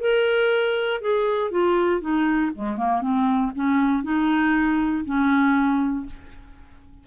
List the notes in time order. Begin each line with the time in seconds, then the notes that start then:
0.00 A#4
1.01 G#4
1.51 F4
2.01 D#4
2.55 G#3
2.77 A#3
3.01 C4
3.55 C#4
4.03 D#4
5.05 C#4